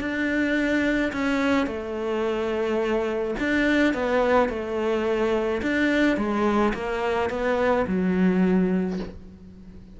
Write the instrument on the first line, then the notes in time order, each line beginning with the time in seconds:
cello
0.00 D4
1.12 C#4
1.66 A3
3.39 D4
3.93 B3
4.49 A3
5.62 D4
6.17 G#3
6.73 A#3
7.29 B3
7.87 F#3